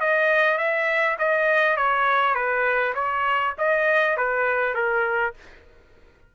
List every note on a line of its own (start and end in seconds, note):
0.00 0.58 D#5
0.58 1.17 E5
1.19 1.77 D#5
1.77 2.34 C#5
2.34 2.94 B4
2.95 3.54 C#5
3.58 4.17 D#5
4.17 4.74 B4
4.74 5.34 A#4